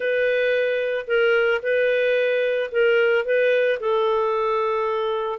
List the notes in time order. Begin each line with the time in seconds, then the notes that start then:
0.00 B4
1.07 A#4
1.62 B4
2.71 A#4
3.25 B4
3.80 A4